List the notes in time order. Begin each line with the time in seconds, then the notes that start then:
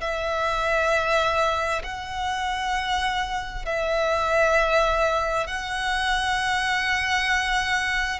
0.00 E5
1.83 F#5
3.65 E5
5.46 F#5